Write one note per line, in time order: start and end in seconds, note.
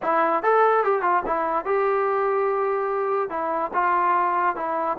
0.02 0.43 E4
0.43 0.84 A4
0.84 1.02 G4
1.02 1.22 F4
1.26 1.65 E4
1.65 3.29 G4
3.29 3.71 E4
3.73 4.56 F4
4.56 4.97 E4